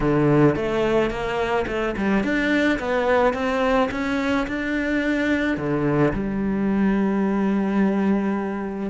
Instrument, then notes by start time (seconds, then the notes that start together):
cello
0.00 D3
0.55 A3
1.10 A#3
1.67 A3
1.96 G3
2.23 D4
2.79 B3
3.33 C4
3.91 C#4
4.47 D4
5.57 D3
6.13 G3